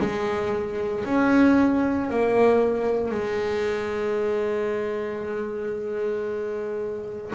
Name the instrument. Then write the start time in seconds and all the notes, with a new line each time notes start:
double bass
0.00 G#3
1.05 C#4
2.10 A#3
3.11 G#3